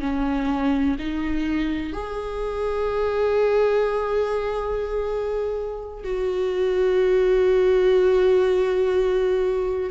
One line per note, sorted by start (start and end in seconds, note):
0.00 0.97 C#4
0.99 1.93 D#4
1.93 6.04 G#4
6.04 9.91 F#4